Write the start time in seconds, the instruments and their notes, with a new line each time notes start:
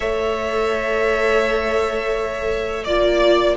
0.00 cello A3, viola A4, violin C#5 E5
2.83 cello A#3, viola F4, violin D5